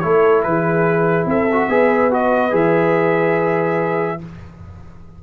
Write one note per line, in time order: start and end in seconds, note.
0.00 0.45 A3
0.00 1.49 E4
0.00 0.46 A4
0.00 0.42 C#5
0.43 1.26 E3
0.43 1.29 G#4
0.43 1.27 B4
1.26 1.68 C4
1.26 1.71 A4
1.26 2.13 E5
1.53 1.70 F#4
1.69 2.53 B3
1.69 2.11 G#4
1.69 4.23 B4
2.11 2.51 F#4
2.11 2.55 D#5
2.51 4.21 E3
2.51 4.19 G#4
2.51 4.23 E5